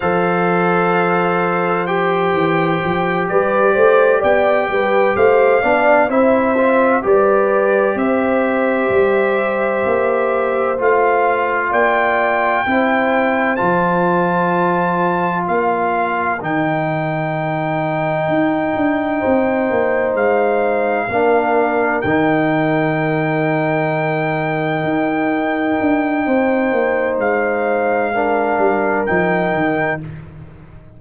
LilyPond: <<
  \new Staff \with { instrumentName = "trumpet" } { \time 4/4 \tempo 4 = 64 f''2 g''4. d''8~ | d''8 g''4 f''4 e''4 d''8~ | d''8 e''2. f''8~ | f''8 g''2 a''4.~ |
a''8 f''4 g''2~ g''8~ | g''4. f''2 g''8~ | g''1~ | g''4 f''2 g''4 | }
  \new Staff \with { instrumentName = "horn" } { \time 4/4 c''2.~ c''8 b'8 | c''8 d''8 b'8 c''8 d''8 c''4 b'8~ | b'8 c''2.~ c''8~ | c''8 d''4 c''2~ c''8~ |
c''8 ais'2.~ ais'8~ | ais'8 c''2 ais'4.~ | ais'1 | c''2 ais'2 | }
  \new Staff \with { instrumentName = "trombone" } { \time 4/4 a'2 g'2~ | g'2 d'8 e'8 f'8 g'8~ | g'2.~ g'8 f'8~ | f'4. e'4 f'4.~ |
f'4. dis'2~ dis'8~ | dis'2~ dis'8 d'4 dis'8~ | dis'1~ | dis'2 d'4 dis'4 | }
  \new Staff \with { instrumentName = "tuba" } { \time 4/4 f2~ f8 e8 f8 g8 | a8 b8 g8 a8 b8 c'4 g8~ | g8 c'4 g4 ais4 a8~ | a8 ais4 c'4 f4.~ |
f8 ais4 dis2 dis'8 | d'8 c'8 ais8 gis4 ais4 dis8~ | dis2~ dis8 dis'4 d'8 | c'8 ais8 gis4. g8 f8 dis8 | }
>>